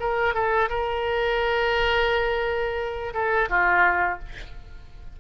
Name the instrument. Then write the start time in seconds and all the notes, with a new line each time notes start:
oboe
0.00 A#4
0.34 A4
0.69 A#4
3.14 A4
3.49 F4